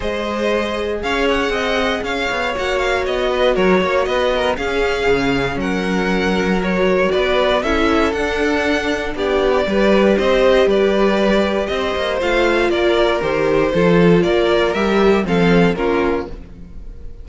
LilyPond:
<<
  \new Staff \with { instrumentName = "violin" } { \time 4/4 \tempo 4 = 118 dis''2 f''8 fis''4. | f''4 fis''8 f''8 dis''4 cis''4 | dis''4 f''2 fis''4~ | fis''4 cis''4 d''4 e''4 |
fis''2 d''2 | dis''4 d''2 dis''4 | f''4 d''4 c''2 | d''4 e''4 f''4 ais'4 | }
  \new Staff \with { instrumentName = "violin" } { \time 4/4 c''2 cis''4 dis''4 | cis''2~ cis''8 b'8 ais'8 cis''8 | b'8 ais'8 gis'2 ais'4~ | ais'2 b'4 a'4~ |
a'2 g'4 b'4 | c''4 b'2 c''4~ | c''4 ais'2 a'4 | ais'2 a'4 f'4 | }
  \new Staff \with { instrumentName = "viola" } { \time 4/4 gis'1~ | gis'4 fis'2.~ | fis'4 cis'2.~ | cis'4 fis'2 e'4 |
d'2. g'4~ | g'1 | f'2 g'4 f'4~ | f'4 g'4 c'4 cis'4 | }
  \new Staff \with { instrumentName = "cello" } { \time 4/4 gis2 cis'4 c'4 | cis'8 b8 ais4 b4 fis8 ais8 | b4 cis'4 cis4 fis4~ | fis2 b4 cis'4 |
d'2 b4 g4 | c'4 g2 c'8 ais8 | a4 ais4 dis4 f4 | ais4 g4 f4 ais4 | }
>>